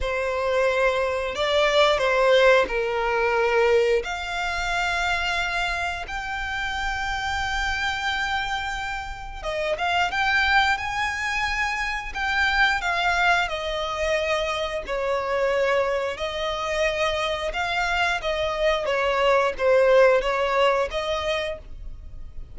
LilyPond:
\new Staff \with { instrumentName = "violin" } { \time 4/4 \tempo 4 = 89 c''2 d''4 c''4 | ais'2 f''2~ | f''4 g''2.~ | g''2 dis''8 f''8 g''4 |
gis''2 g''4 f''4 | dis''2 cis''2 | dis''2 f''4 dis''4 | cis''4 c''4 cis''4 dis''4 | }